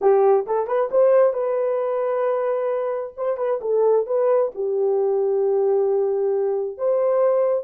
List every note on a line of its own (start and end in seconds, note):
0.01 0.46 G4
0.46 0.67 A4
0.67 0.89 B4
0.91 1.33 C5
1.33 3.13 B4
3.16 3.37 C5
3.37 3.59 B4
3.61 4.06 A4
4.06 4.51 B4
4.54 6.77 G4
6.77 7.64 C5